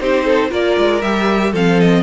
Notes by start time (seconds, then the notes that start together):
0.00 C4 D#4 G4 C5
0.25 A4
0.49 A#3 F4 A#4 D5
0.78 G#3
1.02 G3 G4 E5
1.52 F3 C4 A4 F5
1.80 D#5